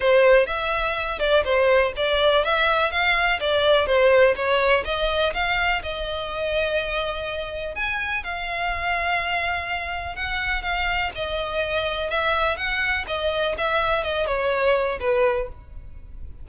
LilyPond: \new Staff \with { instrumentName = "violin" } { \time 4/4 \tempo 4 = 124 c''4 e''4. d''8 c''4 | d''4 e''4 f''4 d''4 | c''4 cis''4 dis''4 f''4 | dis''1 |
gis''4 f''2.~ | f''4 fis''4 f''4 dis''4~ | dis''4 e''4 fis''4 dis''4 | e''4 dis''8 cis''4. b'4 | }